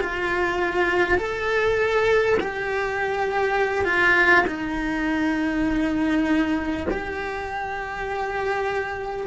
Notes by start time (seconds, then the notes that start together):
0.00 F4
1.18 A4
2.40 G4
3.85 F4
4.47 D#4
6.91 G4